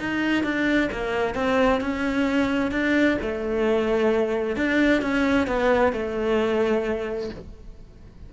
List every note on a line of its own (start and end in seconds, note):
0.00 0.44 D#4
0.44 0.90 D4
0.92 1.35 A#3
1.35 1.81 C4
1.81 2.72 C#4
2.72 3.18 D4
3.22 4.57 A3
4.57 5.02 D4
5.02 5.48 C#4
5.48 5.93 B3
5.93 7.31 A3